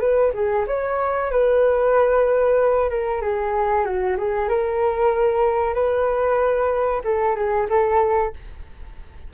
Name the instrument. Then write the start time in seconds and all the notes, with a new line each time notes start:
flute
0.00 B4
0.34 G#4
0.67 C#5
1.31 B4
2.90 A#4
3.21 G#4
3.85 F#4
4.18 G#4
4.49 A#4
5.74 B4
7.04 A4
7.36 G#4
7.70 A4